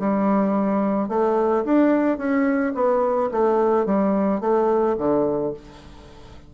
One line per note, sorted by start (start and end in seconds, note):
0.00 1.09 G3
1.09 1.64 A3
1.65 2.18 D4
2.18 2.73 C#4
2.75 3.30 B3
3.32 3.86 A3
3.86 4.41 G3
4.41 4.96 A3
4.98 5.54 D3